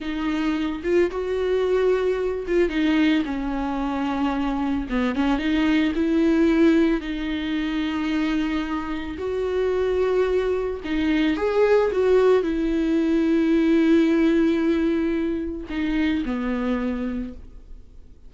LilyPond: \new Staff \with { instrumentName = "viola" } { \time 4/4 \tempo 4 = 111 dis'4. f'8 fis'2~ | fis'8 f'8 dis'4 cis'2~ | cis'4 b8 cis'8 dis'4 e'4~ | e'4 dis'2.~ |
dis'4 fis'2. | dis'4 gis'4 fis'4 e'4~ | e'1~ | e'4 dis'4 b2 | }